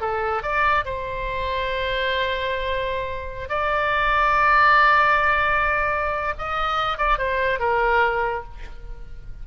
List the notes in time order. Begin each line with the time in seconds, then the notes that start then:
0.00 A4
0.42 D5
0.85 C5
3.49 D5
6.38 D#5
6.97 D5
7.18 C5
7.59 A#4